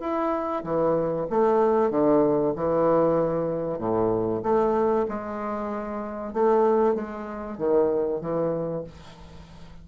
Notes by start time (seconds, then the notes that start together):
0.00 E4
0.63 E3
1.30 A3
1.90 D3
2.56 E3
3.78 A2
4.43 A3
5.08 G#3
6.33 A3
6.95 G#3
7.57 D#3
8.21 E3